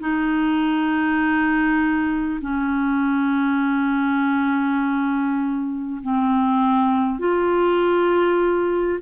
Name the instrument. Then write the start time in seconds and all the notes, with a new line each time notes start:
clarinet
0.00 D#4
2.42 C#4
6.02 C4
7.19 F4